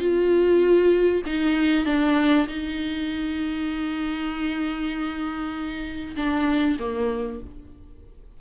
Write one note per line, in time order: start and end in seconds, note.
0.00 1.22 F4
1.27 1.86 D#4
1.86 2.47 D4
2.48 6.16 D#4
6.17 6.78 D4
6.80 7.41 A#3